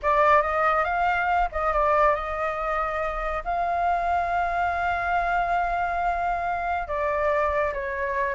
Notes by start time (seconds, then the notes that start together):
0.02 D5
0.41 D#5
0.84 F5
1.52 D#5
1.72 D5
2.14 D#5
3.44 F5
6.87 D5
7.73 C#5